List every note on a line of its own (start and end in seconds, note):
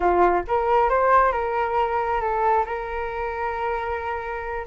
0.00 0.42 F4
0.47 0.89 A#4
0.89 1.32 C5
1.32 2.20 A#4
2.20 2.65 A4
2.66 4.66 A#4